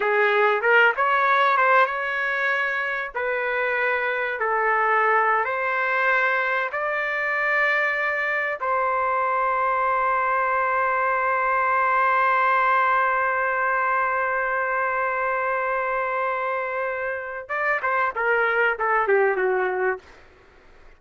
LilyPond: \new Staff \with { instrumentName = "trumpet" } { \time 4/4 \tempo 4 = 96 gis'4 ais'8 cis''4 c''8 cis''4~ | cis''4 b'2 a'4~ | a'8. c''2 d''4~ d''16~ | d''4.~ d''16 c''2~ c''16~ |
c''1~ | c''1~ | c''1 | d''8 c''8 ais'4 a'8 g'8 fis'4 | }